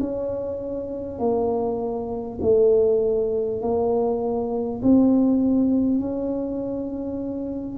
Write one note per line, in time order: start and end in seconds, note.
0.00 1.19 C#4
1.19 2.39 A#3
2.41 3.61 A3
3.61 4.81 A#3
4.83 6.01 C4
6.01 7.78 C#4